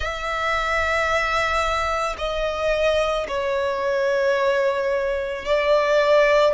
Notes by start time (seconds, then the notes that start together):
0.00 E5
2.18 D#5
3.27 C#5
5.45 D5